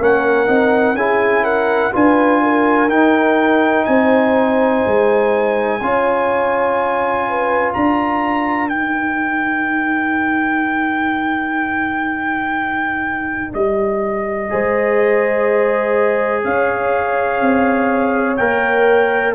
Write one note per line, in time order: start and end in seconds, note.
0.00 0.48 A#3
0.00 0.47 C#4
0.00 0.97 A#4
0.00 0.96 F#5
0.47 0.95 C4
0.47 0.95 D#4
0.95 1.91 C#4
0.95 1.93 E4
0.95 1.44 G#4
0.95 1.45 G#5
1.44 1.92 A#4
1.44 1.93 F#5
1.93 2.88 D4
1.93 2.89 F4
1.93 2.42 B4
1.93 2.90 G#5
2.43 3.88 A#4
2.88 3.85 D#4
2.88 5.80 D#4
2.88 3.85 G5
3.85 4.84 C4
3.85 5.83 C5
3.85 7.72 G#5
4.86 5.81 G#3
5.81 7.75 C#4
5.81 8.69 F4
5.81 7.28 C#5
7.29 7.77 B4
7.73 8.71 D4
7.73 14.52 A#4
7.73 8.69 A#5
8.69 14.50 D#4
8.69 13.54 D#4
8.69 13.53 G5
13.54 14.51 G3
13.54 16.44 D#5
14.50 16.45 G#3
14.50 18.37 G#4
14.50 16.45 C5
16.45 17.42 C#4
16.45 19.35 C#5
16.45 18.37 F5
17.42 18.38 C4
18.37 19.35 A#3
18.37 19.35 A#4
18.37 19.34 G5